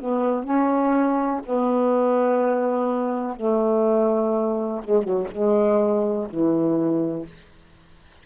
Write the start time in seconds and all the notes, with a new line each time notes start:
0.00 B3
0.44 C#4
1.45 B3
3.36 A3
4.84 G#3
5.03 F#3
5.31 G#3
6.29 E3